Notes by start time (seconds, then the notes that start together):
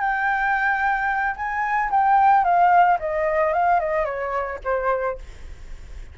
0.00 G5
1.36 G#5
1.90 G5
2.44 F5
2.99 D#5
3.53 F5
3.79 D#5
4.05 C#5
4.64 C5